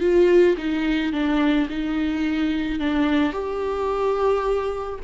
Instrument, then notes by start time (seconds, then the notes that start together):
viola
0.00 F4
0.57 D#4
1.12 D4
1.69 D#4
2.79 D4
3.32 G4